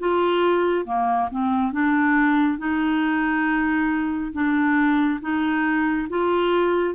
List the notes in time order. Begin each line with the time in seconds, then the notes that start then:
0.00 F4
0.86 A#3
1.32 C4
1.73 D4
2.59 D#4
4.33 D4
5.21 D#4
6.09 F4